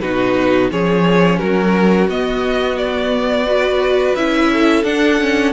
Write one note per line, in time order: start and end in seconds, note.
0.00 0.71 B2
0.00 0.71 D#4
0.00 0.70 F#4
0.00 0.69 B4
0.71 1.40 F3
0.71 2.09 C#4
0.71 1.40 G#4
0.71 1.39 C#5
1.39 2.08 F#3
1.39 3.46 F#4
1.39 2.08 A#4
2.08 4.15 B3
2.08 3.47 B3
2.08 2.78 D#5
2.78 4.15 D5
3.47 4.16 F#4
3.47 4.51 B4
4.15 4.84 C#4
4.15 4.85 E4
4.15 4.84 E5
4.53 5.53 A4
4.84 5.53 D4
4.84 5.19 D4
4.84 5.53 F#5
5.20 5.53 C#4